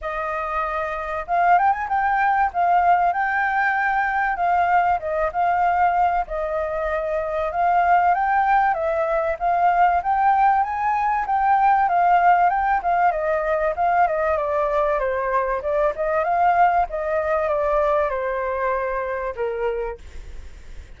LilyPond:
\new Staff \with { instrumentName = "flute" } { \time 4/4 \tempo 4 = 96 dis''2 f''8 g''16 gis''16 g''4 | f''4 g''2 f''4 | dis''8 f''4. dis''2 | f''4 g''4 e''4 f''4 |
g''4 gis''4 g''4 f''4 | g''8 f''8 dis''4 f''8 dis''8 d''4 | c''4 d''8 dis''8 f''4 dis''4 | d''4 c''2 ais'4 | }